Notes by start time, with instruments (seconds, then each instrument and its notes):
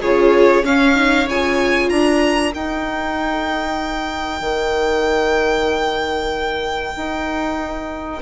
0.00 bassoon C#3, viola F4 G#4, violin C#5
0.63 bassoon C#4, viola C#4 C#5, violin F5
0.95 viola D#4
1.28 bassoon C#3, viola F4, violin G#5
1.89 bassoon D4, viola A#4, violin A#5
2.52 viola D#4, bassoon D#4, violin G5
4.41 bassoon D#3
6.97 bassoon D#4